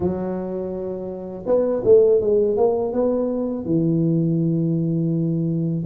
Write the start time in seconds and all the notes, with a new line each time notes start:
0.00 F#3
1.46 B3
1.84 A3
2.21 G#3
2.56 A#3
2.93 B3
3.65 E3